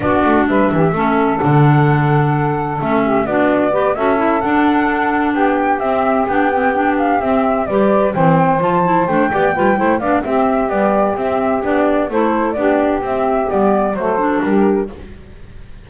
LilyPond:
<<
  \new Staff \with { instrumentName = "flute" } { \time 4/4 \tempo 4 = 129 d''4 e''2 fis''4~ | fis''2 e''4 d''4~ | d''8 e''4 fis''2 g''8~ | g''8 e''4 g''4. f''8 e''8~ |
e''8 d''4 g''4 a''4 g''8~ | g''4. f''8 e''4 d''4 | e''4 d''4 c''4 d''4 | e''4 d''4 c''4 ais'4 | }
  \new Staff \with { instrumentName = "saxophone" } { \time 4/4 fis'4 b'8 g'8 a'2~ | a'2~ a'8 g'8 fis'4 | b'8 a'2. g'8~ | g'1~ |
g'8 b'4 c''2~ c''8 | d''8 b'8 c''8 d''8 g'2~ | g'2 a'4 g'4~ | g'2 a'4 g'4 | }
  \new Staff \with { instrumentName = "clarinet" } { \time 4/4 d'2 cis'4 d'4~ | d'2 cis'4 d'4 | g'8 fis'8 e'8 d'2~ d'8~ | d'8 c'4 d'8 c'8 d'4 c'8~ |
c'8 g'4 c'4 f'8 e'8 d'8 | g'8 f'8 e'8 d'8 c'4 g4 | c'4 d'4 e'4 d'4 | c'4 b4 a8 d'4. | }
  \new Staff \with { instrumentName = "double bass" } { \time 4/4 b8 a8 g8 e8 a4 d4~ | d2 a4 b4~ | b8 cis'4 d'2 b8~ | b8 c'4 b2 c'8~ |
c'8 g4 e4 f4 a8 | b8 g8 a8 b8 c'4 b4 | c'4 b4 a4 b4 | c'4 g4 fis4 g4 | }
>>